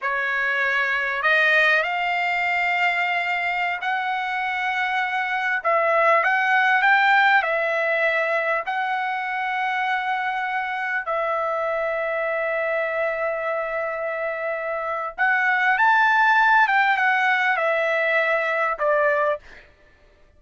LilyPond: \new Staff \with { instrumentName = "trumpet" } { \time 4/4 \tempo 4 = 99 cis''2 dis''4 f''4~ | f''2~ f''16 fis''4.~ fis''16~ | fis''4~ fis''16 e''4 fis''4 g''8.~ | g''16 e''2 fis''4.~ fis''16~ |
fis''2~ fis''16 e''4.~ e''16~ | e''1~ | e''4 fis''4 a''4. g''8 | fis''4 e''2 d''4 | }